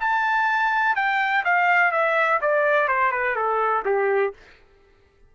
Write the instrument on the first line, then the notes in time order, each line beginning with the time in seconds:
trumpet
0.00 A5
0.96 G5
1.44 F5
1.91 E5
2.41 D5
2.88 C5
3.11 B4
3.36 A4
3.85 G4